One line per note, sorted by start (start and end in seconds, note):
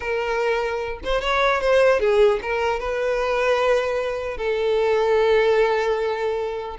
0.00 0.99 A#4
1.03 1.21 C5
1.21 1.60 C#5
1.60 1.99 C5
1.99 2.39 G#4
2.42 2.79 A#4
2.79 4.37 B4
4.37 6.77 A4